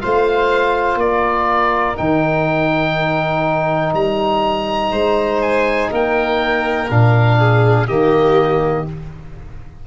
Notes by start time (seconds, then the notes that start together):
0.00 A3 F4 C5 F5
0.95 A#3 A#4 D5
1.96 D#3 D#4 G5
3.94 G3 A#5
4.91 G#3 C5
5.42 G#5
5.91 A#3 A#4 G5
6.90 A#2 D4 F5
7.38 G#4
7.87 D#3 A#3 G4 D#5